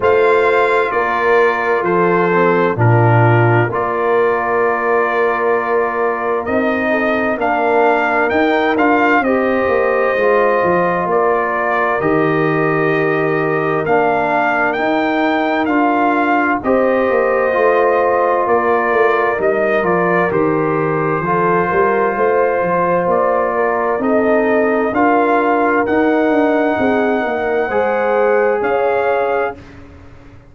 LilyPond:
<<
  \new Staff \with { instrumentName = "trumpet" } { \time 4/4 \tempo 4 = 65 f''4 d''4 c''4 ais'4 | d''2. dis''4 | f''4 g''8 f''8 dis''2 | d''4 dis''2 f''4 |
g''4 f''4 dis''2 | d''4 dis''8 d''8 c''2~ | c''4 d''4 dis''4 f''4 | fis''2. f''4 | }
  \new Staff \with { instrumentName = "horn" } { \time 4/4 c''4 ais'4 a'4 f'4 | ais'2.~ ais'8 a'8 | ais'2 c''2 | ais'1~ |
ais'2 c''2 | ais'2. a'8 ais'8 | c''4. ais'8 a'4 ais'4~ | ais'4 gis'8 ais'8 c''4 cis''4 | }
  \new Staff \with { instrumentName = "trombone" } { \time 4/4 f'2~ f'8 c'8 d'4 | f'2. dis'4 | d'4 dis'8 f'8 g'4 f'4~ | f'4 g'2 d'4 |
dis'4 f'4 g'4 f'4~ | f'4 dis'8 f'8 g'4 f'4~ | f'2 dis'4 f'4 | dis'2 gis'2 | }
  \new Staff \with { instrumentName = "tuba" } { \time 4/4 a4 ais4 f4 ais,4 | ais2. c'4 | ais4 dis'8 d'8 c'8 ais8 gis8 f8 | ais4 dis2 ais4 |
dis'4 d'4 c'8 ais8 a4 | ais8 a8 g8 f8 dis4 f8 g8 | a8 f8 ais4 c'4 d'4 | dis'8 d'8 c'8 ais8 gis4 cis'4 | }
>>